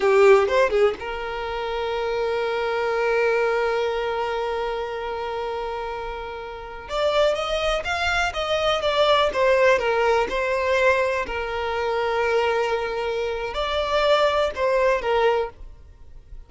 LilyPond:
\new Staff \with { instrumentName = "violin" } { \time 4/4 \tempo 4 = 124 g'4 c''8 gis'8 ais'2~ | ais'1~ | ais'1~ | ais'2~ ais'16 d''4 dis''8.~ |
dis''16 f''4 dis''4 d''4 c''8.~ | c''16 ais'4 c''2 ais'8.~ | ais'1 | d''2 c''4 ais'4 | }